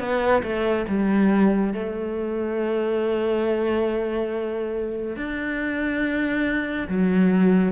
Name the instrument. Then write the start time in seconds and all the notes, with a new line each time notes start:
cello
0.00 B3
0.43 A3
0.88 G3
1.74 A3
5.17 D4
6.89 F#3